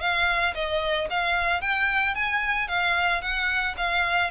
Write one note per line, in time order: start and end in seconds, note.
0.00 0.54 F5
0.54 1.08 D#5
1.10 1.61 F5
1.61 2.15 G5
2.15 2.68 G#5
2.68 3.21 F5
3.21 3.75 F#5
3.77 4.30 F5